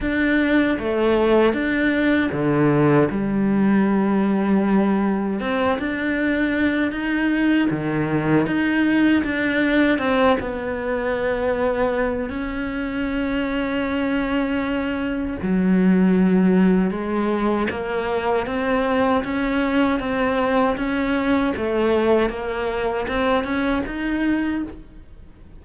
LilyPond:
\new Staff \with { instrumentName = "cello" } { \time 4/4 \tempo 4 = 78 d'4 a4 d'4 d4 | g2. c'8 d'8~ | d'4 dis'4 dis4 dis'4 | d'4 c'8 b2~ b8 |
cis'1 | fis2 gis4 ais4 | c'4 cis'4 c'4 cis'4 | a4 ais4 c'8 cis'8 dis'4 | }